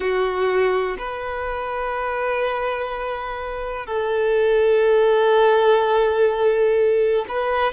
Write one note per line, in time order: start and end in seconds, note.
0.00 0.96 F#4
0.98 3.86 B4
3.86 7.25 A4
7.28 7.72 B4